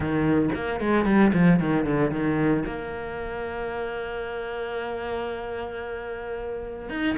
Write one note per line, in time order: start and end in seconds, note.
0.00 0.49 D#3
0.54 0.80 A#3
0.80 1.05 G#3
1.05 1.31 G3
1.33 1.59 F3
1.59 1.85 D#3
1.85 2.10 D3
2.10 2.64 D#3
2.65 6.89 A#3
6.89 7.16 D#4